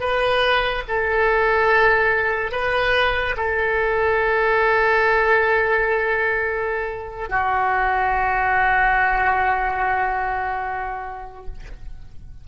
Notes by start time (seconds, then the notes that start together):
0.00 B4
0.88 A4
2.52 B4
3.36 A4
7.29 F#4